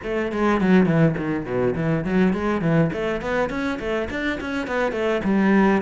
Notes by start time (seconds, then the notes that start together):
0.03 A3
0.32 G#3
0.60 F#3
0.86 E3
1.17 D#3
1.45 B2
1.75 E3
2.04 F#3
2.33 G#3
2.61 E3
2.93 A3
3.21 B3
3.49 C#4
3.79 A3
4.10 D4
4.40 C#4
4.67 B3
4.92 A3
5.24 G3